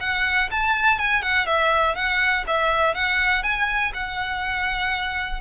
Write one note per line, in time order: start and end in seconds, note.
0.00 0.49 F#5
0.51 0.98 A5
0.98 1.22 G#5
1.22 1.46 F#5
1.46 1.95 E5
1.95 2.44 F#5
2.47 2.94 E5
2.94 3.43 F#5
3.43 3.92 G#5
3.93 5.40 F#5